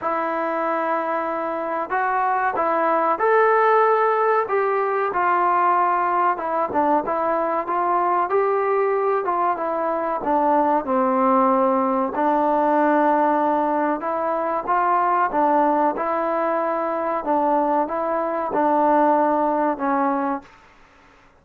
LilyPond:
\new Staff \with { instrumentName = "trombone" } { \time 4/4 \tempo 4 = 94 e'2. fis'4 | e'4 a'2 g'4 | f'2 e'8 d'8 e'4 | f'4 g'4. f'8 e'4 |
d'4 c'2 d'4~ | d'2 e'4 f'4 | d'4 e'2 d'4 | e'4 d'2 cis'4 | }